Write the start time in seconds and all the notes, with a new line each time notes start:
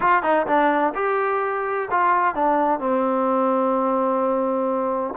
0.00 F4
0.22 D#4
0.46 D4
0.95 G4
1.90 F4
2.34 D4
2.79 C4